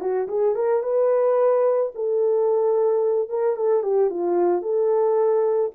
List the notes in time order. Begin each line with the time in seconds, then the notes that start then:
0.00 F#4
0.28 G#4
0.55 A#4
0.83 B4
1.95 A4
3.29 A#4
3.56 A4
3.82 G4
4.10 F4
4.62 A4